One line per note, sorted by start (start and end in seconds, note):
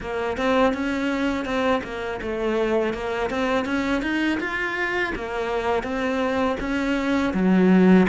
0.00 0.37 A#3
0.37 0.73 C4
0.73 1.45 C#4
1.45 1.81 C4
1.83 2.20 A#3
2.21 2.93 A3
2.93 3.30 A#3
3.30 3.65 C4
3.65 4.01 C#4
4.02 4.38 D#4
4.39 5.13 F4
5.15 5.83 A#3
5.83 6.56 C4
6.60 7.33 C#4
7.33 8.06 F#3